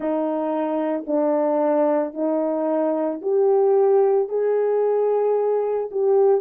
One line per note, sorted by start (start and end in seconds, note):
0.00 1.05 D#4
1.06 2.13 D4
2.13 3.20 D#4
3.21 4.29 G4
4.29 5.89 G#4
5.91 6.41 G4